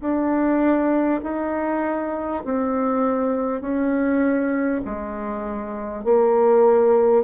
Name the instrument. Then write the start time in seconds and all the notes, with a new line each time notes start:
bassoon
0.00 D4
1.23 D#4
2.44 C4
3.61 C#4
4.85 G#3
6.04 A#3